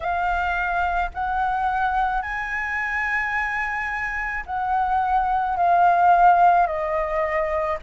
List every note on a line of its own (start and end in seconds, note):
0.00 1.10 F5
1.14 2.22 F#5
2.22 4.44 G#5
4.45 5.57 F#5
5.57 6.66 F5
6.66 7.77 D#5